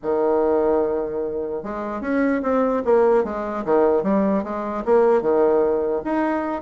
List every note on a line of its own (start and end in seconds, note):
0.02 1.63 D#3
1.63 2.01 G#3
2.01 2.41 C#4
2.42 2.82 C4
2.84 3.24 A#3
3.24 3.64 G#3
3.64 4.03 D#3
4.03 4.43 G3
4.43 4.83 G#3
4.85 5.21 A#3
5.21 6.02 D#3
6.04 6.61 D#4